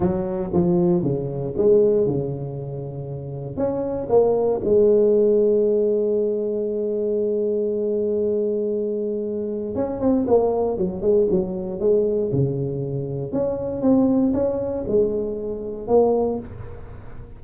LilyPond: \new Staff \with { instrumentName = "tuba" } { \time 4/4 \tempo 4 = 117 fis4 f4 cis4 gis4 | cis2. cis'4 | ais4 gis2.~ | gis1~ |
gis2. cis'8 c'8 | ais4 fis8 gis8 fis4 gis4 | cis2 cis'4 c'4 | cis'4 gis2 ais4 | }